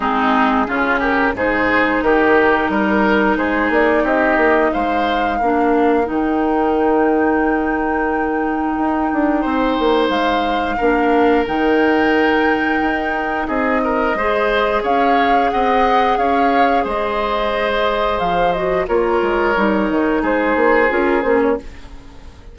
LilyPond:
<<
  \new Staff \with { instrumentName = "flute" } { \time 4/4 \tempo 4 = 89 gis'4. ais'8 c''4 ais'4~ | ais'4 c''8 d''8 dis''4 f''4~ | f''4 g''2.~ | g''2. f''4~ |
f''4 g''2. | dis''2 f''4 fis''4 | f''4 dis''2 f''8 dis''8 | cis''2 c''4 ais'8 c''16 cis''16 | }
  \new Staff \with { instrumentName = "oboe" } { \time 4/4 dis'4 f'8 g'8 gis'4 g'4 | ais'4 gis'4 g'4 c''4 | ais'1~ | ais'2 c''2 |
ais'1 | gis'8 ais'8 c''4 cis''4 dis''4 | cis''4 c''2. | ais'2 gis'2 | }
  \new Staff \with { instrumentName = "clarinet" } { \time 4/4 c'4 cis'4 dis'2~ | dis'1 | d'4 dis'2.~ | dis'1 |
d'4 dis'2.~ | dis'4 gis'2.~ | gis'2.~ gis'8 fis'8 | f'4 dis'2 f'8 cis'8 | }
  \new Staff \with { instrumentName = "bassoon" } { \time 4/4 gis4 cis4 gis,4 dis4 | g4 gis8 ais8 c'8 ais8 gis4 | ais4 dis2.~ | dis4 dis'8 d'8 c'8 ais8 gis4 |
ais4 dis2 dis'4 | c'4 gis4 cis'4 c'4 | cis'4 gis2 f4 | ais8 gis8 g8 dis8 gis8 ais8 cis'8 ais8 | }
>>